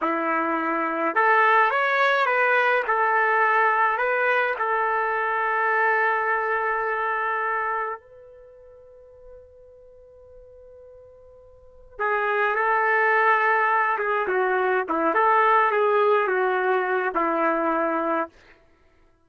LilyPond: \new Staff \with { instrumentName = "trumpet" } { \time 4/4 \tempo 4 = 105 e'2 a'4 cis''4 | b'4 a'2 b'4 | a'1~ | a'2 b'2~ |
b'1~ | b'4 gis'4 a'2~ | a'8 gis'8 fis'4 e'8 a'4 gis'8~ | gis'8 fis'4. e'2 | }